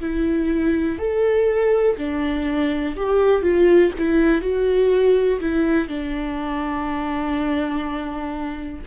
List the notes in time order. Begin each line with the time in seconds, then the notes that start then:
0.00 E4
0.98 A4
1.98 D4
2.96 G4
3.42 F4
3.98 E4
4.42 F#4
5.41 E4
5.88 D4